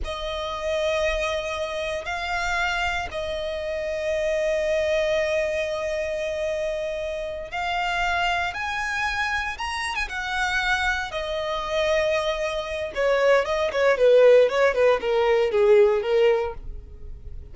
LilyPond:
\new Staff \with { instrumentName = "violin" } { \time 4/4 \tempo 4 = 116 dis''1 | f''2 dis''2~ | dis''1~ | dis''2~ dis''8 f''4.~ |
f''8 gis''2 ais''8. gis''16 fis''8~ | fis''4. dis''2~ dis''8~ | dis''4 cis''4 dis''8 cis''8 b'4 | cis''8 b'8 ais'4 gis'4 ais'4 | }